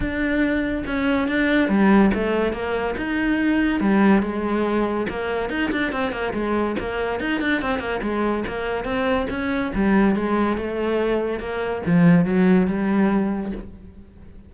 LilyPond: \new Staff \with { instrumentName = "cello" } { \time 4/4 \tempo 4 = 142 d'2 cis'4 d'4 | g4 a4 ais4 dis'4~ | dis'4 g4 gis2 | ais4 dis'8 d'8 c'8 ais8 gis4 |
ais4 dis'8 d'8 c'8 ais8 gis4 | ais4 c'4 cis'4 g4 | gis4 a2 ais4 | f4 fis4 g2 | }